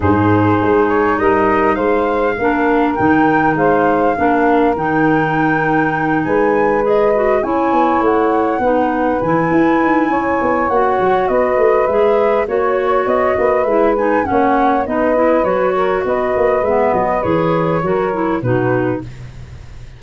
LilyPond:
<<
  \new Staff \with { instrumentName = "flute" } { \time 4/4 \tempo 4 = 101 c''4. cis''8 dis''4 f''4~ | f''4 g''4 f''2 | g''2~ g''8 gis''4 dis''8~ | dis''8 gis''4 fis''2 gis''8~ |
gis''2 fis''4 dis''4 | e''4 cis''4 dis''4 e''8 gis''8 | fis''4 dis''4 cis''4 dis''4 | e''8 dis''8 cis''2 b'4 | }
  \new Staff \with { instrumentName = "saxophone" } { \time 4/4 gis'2 ais'4 c''4 | ais'2 c''4 ais'4~ | ais'2~ ais'8 b'4.~ | b'8 cis''2 b'4.~ |
b'4 cis''2 b'4~ | b'4 cis''4. b'4. | cis''4 b'4. ais'8 b'4~ | b'2 ais'4 fis'4 | }
  \new Staff \with { instrumentName = "clarinet" } { \time 4/4 dis'1 | d'4 dis'2 d'4 | dis'2.~ dis'8 gis'8 | fis'8 e'2 dis'4 e'8~ |
e'2 fis'2 | gis'4 fis'2 e'8 dis'8 | cis'4 dis'8 e'8 fis'2 | b4 gis'4 fis'8 e'8 dis'4 | }
  \new Staff \with { instrumentName = "tuba" } { \time 4/4 gis,4 gis4 g4 gis4 | ais4 dis4 gis4 ais4 | dis2~ dis8 gis4.~ | gis8 cis'8 b8 a4 b4 e8 |
e'8 dis'8 cis'8 b8 ais8 fis8 b8 a8 | gis4 ais4 b8 ais8 gis4 | ais4 b4 fis4 b8 ais8 | gis8 fis8 e4 fis4 b,4 | }
>>